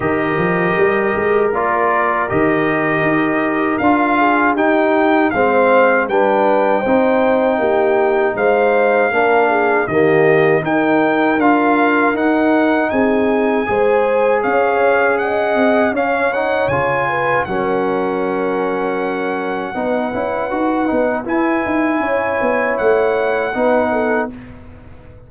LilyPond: <<
  \new Staff \with { instrumentName = "trumpet" } { \time 4/4 \tempo 4 = 79 dis''2 d''4 dis''4~ | dis''4 f''4 g''4 f''4 | g''2. f''4~ | f''4 dis''4 g''4 f''4 |
fis''4 gis''2 f''4 | fis''4 f''8 fis''8 gis''4 fis''4~ | fis''1 | gis''2 fis''2 | }
  \new Staff \with { instrumentName = "horn" } { \time 4/4 ais'1~ | ais'4. gis'8 g'4 c''4 | b'4 c''4 g'4 c''4 | ais'8 gis'8 g'4 ais'2~ |
ais'4 gis'4 c''4 cis''4 | dis''4 cis''4. b'8 ais'4~ | ais'2 b'2~ | b'4 cis''2 b'8 a'8 | }
  \new Staff \with { instrumentName = "trombone" } { \time 4/4 g'2 f'4 g'4~ | g'4 f'4 dis'4 c'4 | d'4 dis'2. | d'4 ais4 dis'4 f'4 |
dis'2 gis'2~ | gis'4 cis'8 dis'8 f'4 cis'4~ | cis'2 dis'8 e'8 fis'8 dis'8 | e'2. dis'4 | }
  \new Staff \with { instrumentName = "tuba" } { \time 4/4 dis8 f8 g8 gis8 ais4 dis4 | dis'4 d'4 dis'4 gis4 | g4 c'4 ais4 gis4 | ais4 dis4 dis'4 d'4 |
dis'4 c'4 gis4 cis'4~ | cis'8 c'8 cis'4 cis4 fis4~ | fis2 b8 cis'8 dis'8 b8 | e'8 dis'8 cis'8 b8 a4 b4 | }
>>